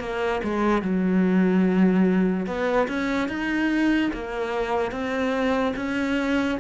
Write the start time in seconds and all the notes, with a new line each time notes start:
0.00 A#3
0.43 G#3
0.82 F#3
2.46 B3
2.88 C#4
3.28 D#4
4.13 A#3
4.91 C4
5.76 C#4